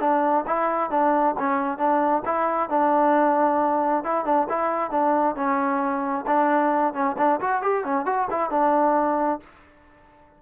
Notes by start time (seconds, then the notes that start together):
0.00 D4
0.47 E4
0.90 D4
1.39 C#4
1.78 D4
2.25 E4
2.69 D4
4.04 E4
4.25 D4
4.49 E4
4.91 D4
5.36 C#4
6.27 D4
6.93 C#4
7.17 D4
7.40 F#4
7.62 G4
7.84 C#4
8.06 F#4
8.30 E4
8.50 D4